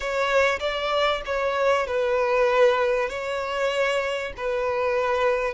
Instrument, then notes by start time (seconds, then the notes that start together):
violin
0.00 C#5
0.59 D5
1.25 C#5
1.86 B4
3.09 C#5
4.37 B4